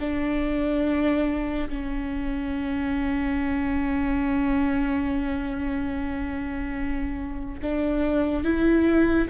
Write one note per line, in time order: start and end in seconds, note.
0.00 1.69 D4
1.69 7.61 C#4
7.62 8.44 D4
8.44 9.29 E4